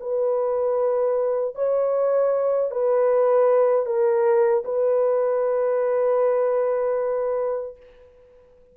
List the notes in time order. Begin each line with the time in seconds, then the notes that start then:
0.00 B4
1.55 C#5
2.71 B4
3.86 A#4
4.65 B4